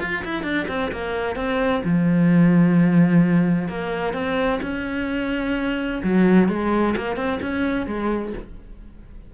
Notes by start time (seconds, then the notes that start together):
0.00 F4
0.24 E4
0.43 D4
0.68 C4
0.92 A#3
1.36 C4
1.84 F3
3.68 A#3
4.13 C4
4.62 C#4
6.03 F#3
6.48 G#3
6.96 A#3
7.16 C4
7.42 C#4
7.86 G#3